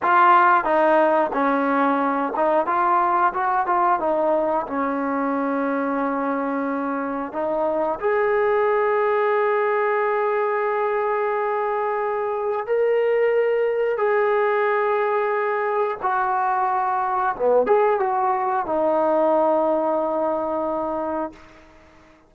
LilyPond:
\new Staff \with { instrumentName = "trombone" } { \time 4/4 \tempo 4 = 90 f'4 dis'4 cis'4. dis'8 | f'4 fis'8 f'8 dis'4 cis'4~ | cis'2. dis'4 | gis'1~ |
gis'2. ais'4~ | ais'4 gis'2. | fis'2 b8 gis'8 fis'4 | dis'1 | }